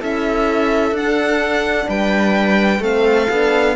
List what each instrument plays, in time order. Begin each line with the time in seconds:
0.00 cello C#4, horn E4, viola A4, violin E5
0.91 cello D4, horn D4, violin F#5
1.88 cello G3, viola B4, violin G5
2.80 cello A3, horn C4, viola A4, violin F5
3.29 cello B3, horn D4